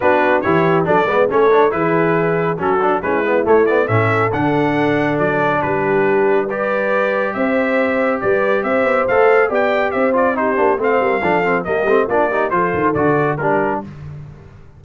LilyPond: <<
  \new Staff \with { instrumentName = "trumpet" } { \time 4/4 \tempo 4 = 139 b'4 cis''4 d''4 cis''4 | b'2 a'4 b'4 | cis''8 d''8 e''4 fis''2 | d''4 b'2 d''4~ |
d''4 e''2 d''4 | e''4 f''4 g''4 e''8 d''8 | c''4 f''2 dis''4 | d''4 c''4 d''4 ais'4 | }
  \new Staff \with { instrumentName = "horn" } { \time 4/4 fis'4 g'4 a'8 b'8 a'4 | gis'2 fis'4 e'4~ | e'4 a'2.~ | a'4 g'2 b'4~ |
b'4 c''2 b'4 | c''2 d''4 c''4 | g'4 c''8 ais'8 a'4 g'4 | f'8 g'8 a'2 g'4 | }
  \new Staff \with { instrumentName = "trombone" } { \time 4/4 d'4 e'4 d'8 b8 cis'8 d'8 | e'2 cis'8 d'8 cis'8 b8 | a8 b8 cis'4 d'2~ | d'2. g'4~ |
g'1~ | g'4 a'4 g'4. f'8 | dis'8 d'8 c'4 d'8 c'8 ais8 c'8 | d'8 dis'8 f'4 fis'4 d'4 | }
  \new Staff \with { instrumentName = "tuba" } { \time 4/4 b4 e4 fis8 gis8 a4 | e2 fis4 gis4 | a4 a,4 d2 | fis4 g2.~ |
g4 c'2 g4 | c'8 b8 a4 b4 c'4~ | c'8 ais8 a8 g8 f4 g8 a8 | ais4 f8 dis8 d4 g4 | }
>>